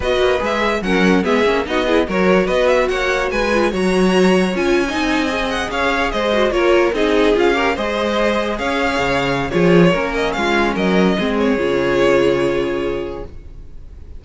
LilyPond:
<<
  \new Staff \with { instrumentName = "violin" } { \time 4/4 \tempo 4 = 145 dis''4 e''4 fis''4 e''4 | dis''4 cis''4 dis''8 e''8 fis''4 | gis''4 ais''2 gis''4~ | gis''4~ gis''16 fis''8 f''4 dis''4 cis''16~ |
cis''8. dis''4 f''4 dis''4~ dis''16~ | dis''8. f''2~ f''16 cis''4~ | cis''8 dis''8 f''4 dis''4. cis''8~ | cis''1 | }
  \new Staff \with { instrumentName = "violin" } { \time 4/4 b'2 ais'4 gis'4 | fis'8 gis'8 ais'4 b'4 cis''4 | b'4 cis''2~ cis''8. dis''16~ | dis''4.~ dis''16 cis''4 c''4 ais'16~ |
ais'8. gis'4. ais'8 c''4~ c''16~ | c''8. cis''2~ cis''16 gis'4 | ais'4 f'4 ais'4 gis'4~ | gis'1 | }
  \new Staff \with { instrumentName = "viola" } { \time 4/4 fis'4 gis'4 cis'4 b8 cis'8 | dis'8 e'8 fis'2.~ | fis'8 f'8 fis'2 f'8. dis'16~ | dis'8. gis'2~ gis'8 fis'8 f'16~ |
f'8. dis'4 f'8 g'8 gis'4~ gis'16~ | gis'2. f'4 | cis'2. c'4 | f'1 | }
  \new Staff \with { instrumentName = "cello" } { \time 4/4 b8 ais8 gis4 fis4 gis8 ais8 | b4 fis4 b4 ais4 | gis4 fis2 cis'4 | c'4.~ c'16 cis'4 gis4 ais16~ |
ais8. c'4 cis'4 gis4~ gis16~ | gis8. cis'4 cis4~ cis16 f4 | ais4 gis4 fis4 gis4 | cis1 | }
>>